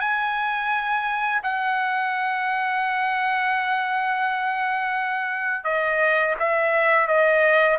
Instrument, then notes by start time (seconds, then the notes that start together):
trumpet
0.00 G#5
1.43 F#5
5.64 D#5
6.39 E5
7.07 D#5